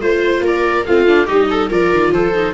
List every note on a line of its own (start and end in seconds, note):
0.00 0.40 A3
0.00 0.85 F4
0.00 0.43 C5
0.00 0.44 C5
0.40 0.83 A#3
0.40 0.87 A#4
0.40 0.85 D5
0.85 1.28 A3
0.85 1.06 C4
0.85 1.25 F4
0.85 1.27 F5
1.06 1.27 D4
1.25 1.70 G3
1.25 1.69 D#4
1.25 1.47 G4
1.25 1.69 D#5
1.50 1.69 A4
1.69 1.91 F3
1.69 2.33 F4
1.69 2.11 A#4
1.69 2.13 D5
1.91 2.12 D#3
2.12 2.54 F3
2.12 2.54 A4
2.12 2.54 C5
2.34 2.54 D#4